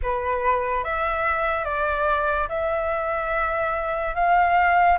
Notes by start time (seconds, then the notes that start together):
0.02 B4
0.84 E5
1.64 D5
2.48 E5
4.14 F5